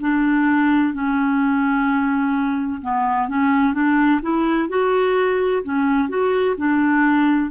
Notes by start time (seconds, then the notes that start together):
0.00 D4
0.93 C#4
2.81 B3
3.28 C#4
3.73 D4
4.21 E4
4.69 F#4
5.63 C#4
6.08 F#4
6.57 D4